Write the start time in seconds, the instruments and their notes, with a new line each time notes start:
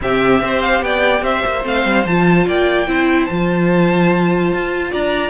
0.01 cello C3, viola C4, violin G4 E5
0.40 cello C4, viola G4, violin C5
0.62 violin F5
0.82 cello B3, violin D5 G5
1.21 cello C4, violin C5 E5
1.45 cello A#3
1.62 cello A3, viola C4, violin F5
1.85 cello G3
2.05 cello F3, viola F4, violin A5
2.47 cello A#3, violin D5 G5
2.87 cello C4, viola E4, violin C5
3.25 cello F3, viola F4, violin A5
4.52 cello F4
4.90 cello D4, violin D5 A#5